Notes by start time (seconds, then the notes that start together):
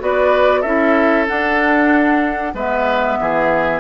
0.00 B3 F#4 B4 D5
0.61 C#4 E4 A4 E5
1.27 D4 F#5
2.54 G#3 B3 B4 E5
3.20 E3 G#4